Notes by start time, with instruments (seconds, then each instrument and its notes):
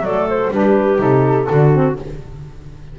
0.00 double bass F#3, saxophone A3, clarinet A4, flute D5
0.29 flute C5
0.50 double bass G3, saxophone D4, clarinet G4, flute B4
0.97 double bass C3, saxophone D#4, flute A4
1.48 double bass D3, saxophone D4, clarinet F#4
1.73 saxophone C4